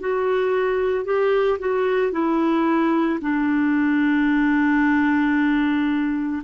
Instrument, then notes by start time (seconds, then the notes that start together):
clarinet
0.00 F#4
1.05 G4
1.59 F#4
2.12 E4
3.21 D4